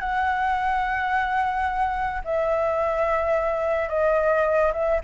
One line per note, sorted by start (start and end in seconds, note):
0.00 2.22 F#5
2.25 3.89 E5
3.89 4.72 D#5
4.73 5.01 E5